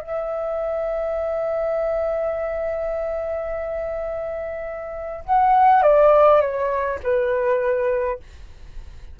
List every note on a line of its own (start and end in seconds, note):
0.00 5.24 E5
5.25 5.82 F#5
5.82 6.40 D5
6.41 6.99 C#5
7.02 8.19 B4